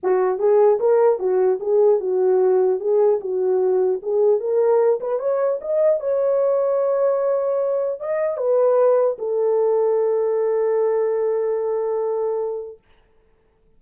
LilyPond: \new Staff \with { instrumentName = "horn" } { \time 4/4 \tempo 4 = 150 fis'4 gis'4 ais'4 fis'4 | gis'4 fis'2 gis'4 | fis'2 gis'4 ais'4~ | ais'8 b'8 cis''4 dis''4 cis''4~ |
cis''1 | dis''4 b'2 a'4~ | a'1~ | a'1 | }